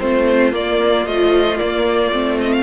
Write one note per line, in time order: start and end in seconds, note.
0.00 0.54 A3
0.00 0.52 C4
0.00 2.64 F4
0.00 0.53 C5
0.52 1.05 A#3
0.52 1.07 A#3
0.52 1.07 D5
1.05 1.58 F3
1.05 1.60 A3
1.05 1.59 D#5
1.58 2.11 A#3
1.58 2.12 A#3
1.58 2.38 D5
2.12 2.64 A3
2.12 2.64 C4
2.41 2.53 D#5
2.53 2.64 F5